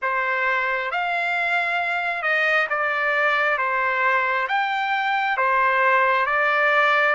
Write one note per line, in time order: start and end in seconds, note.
0.02 0.91 C5
0.91 2.22 F5
2.22 2.67 D#5
2.69 3.58 D5
3.58 4.47 C5
4.48 5.37 G5
5.37 6.26 C5
6.26 7.15 D5